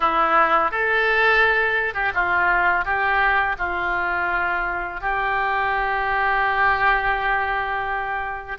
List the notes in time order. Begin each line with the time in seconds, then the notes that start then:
0.00 E4
0.71 A4
1.94 G4
2.14 F4
2.84 G4
3.58 F4
5.00 G4